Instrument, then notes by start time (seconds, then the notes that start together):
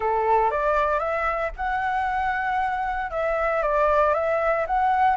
flute
0.00 A4
0.50 D5
0.99 E5
1.56 F#5
3.11 E5
3.62 D5
4.14 E5
4.66 F#5